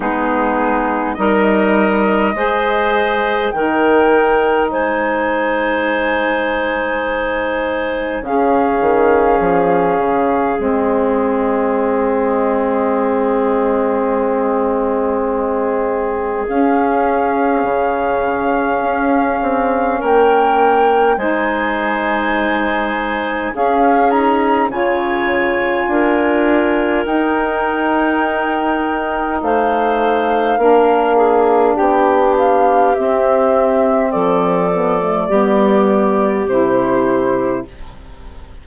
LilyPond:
<<
  \new Staff \with { instrumentName = "flute" } { \time 4/4 \tempo 4 = 51 gis'4 dis''2 g''4 | gis''2. f''4~ | f''4 dis''2.~ | dis''2 f''2~ |
f''4 g''4 gis''2 | f''8 ais''8 gis''2 g''4~ | g''4 f''2 g''8 f''8 | e''4 d''2 c''4 | }
  \new Staff \with { instrumentName = "clarinet" } { \time 4/4 dis'4 ais'4 c''4 ais'4 | c''2. gis'4~ | gis'1~ | gis'1~ |
gis'4 ais'4 c''2 | gis'4 cis''4 ais'2~ | ais'4 c''4 ais'8 gis'8 g'4~ | g'4 a'4 g'2 | }
  \new Staff \with { instrumentName = "saxophone" } { \time 4/4 b4 dis'4 gis'4 dis'4~ | dis'2. cis'4~ | cis'4 c'2.~ | c'2 cis'2~ |
cis'2 dis'2 | cis'8 dis'8 f'2 dis'4~ | dis'2 d'2 | c'4. b16 a16 b4 e'4 | }
  \new Staff \with { instrumentName = "bassoon" } { \time 4/4 gis4 g4 gis4 dis4 | gis2. cis8 dis8 | f8 cis8 gis2.~ | gis2 cis'4 cis4 |
cis'8 c'8 ais4 gis2 | cis'4 cis4 d'4 dis'4~ | dis'4 a4 ais4 b4 | c'4 f4 g4 c4 | }
>>